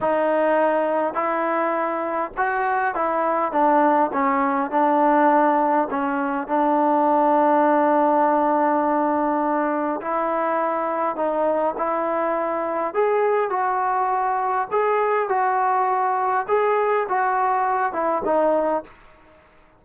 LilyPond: \new Staff \with { instrumentName = "trombone" } { \time 4/4 \tempo 4 = 102 dis'2 e'2 | fis'4 e'4 d'4 cis'4 | d'2 cis'4 d'4~ | d'1~ |
d'4 e'2 dis'4 | e'2 gis'4 fis'4~ | fis'4 gis'4 fis'2 | gis'4 fis'4. e'8 dis'4 | }